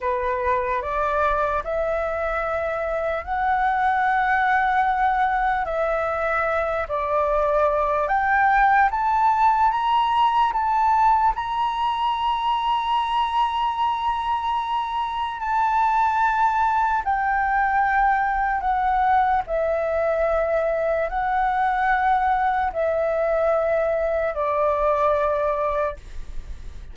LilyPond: \new Staff \with { instrumentName = "flute" } { \time 4/4 \tempo 4 = 74 b'4 d''4 e''2 | fis''2. e''4~ | e''8 d''4. g''4 a''4 | ais''4 a''4 ais''2~ |
ais''2. a''4~ | a''4 g''2 fis''4 | e''2 fis''2 | e''2 d''2 | }